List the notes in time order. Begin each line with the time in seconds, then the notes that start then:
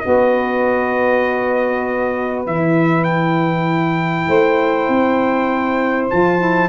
0.00 B3 F#4 B4 D#5
2.46 E3 E4 E5
3.04 G5
4.28 A3 C5
4.88 C4
6.10 F3 F4 A5
6.38 E4